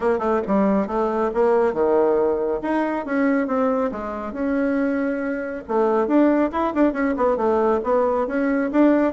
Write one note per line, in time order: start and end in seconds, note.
0.00 0.19 A#3
0.19 0.40 A3
0.47 0.87 G3
0.87 1.30 A3
1.34 1.73 A#3
1.73 2.60 D#3
2.62 3.05 D#4
3.05 3.47 C#4
3.47 3.90 C4
3.91 4.32 G#3
4.32 5.63 C#4
5.68 6.07 A3
6.07 6.50 D4
6.52 6.73 E4
6.74 6.92 D4
6.92 7.14 C#4
7.17 7.36 B3
7.36 7.80 A3
7.83 8.27 B3
8.27 8.70 C#4
8.71 9.13 D4